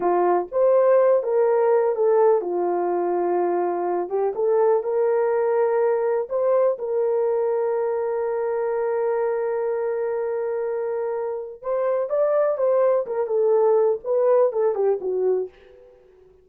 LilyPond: \new Staff \with { instrumentName = "horn" } { \time 4/4 \tempo 4 = 124 f'4 c''4. ais'4. | a'4 f'2.~ | f'8 g'8 a'4 ais'2~ | ais'4 c''4 ais'2~ |
ais'1~ | ais'1 | c''4 d''4 c''4 ais'8 a'8~ | a'4 b'4 a'8 g'8 fis'4 | }